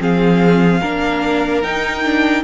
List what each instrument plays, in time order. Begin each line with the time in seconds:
0.00 cello F3, viola C4, violin G#4 F5
0.81 cello A#3, viola D4, violin A#4
1.63 viola D#4, cello D#4, violin G5
2.04 viola D4